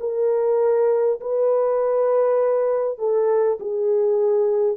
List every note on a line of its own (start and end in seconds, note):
0.00 1.20 A#4
1.21 2.98 B4
2.98 3.58 A4
3.60 4.77 G#4